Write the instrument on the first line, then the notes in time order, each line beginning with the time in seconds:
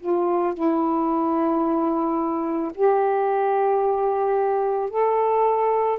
saxophone
0.00 F4
0.54 E4
2.75 G4
4.90 A4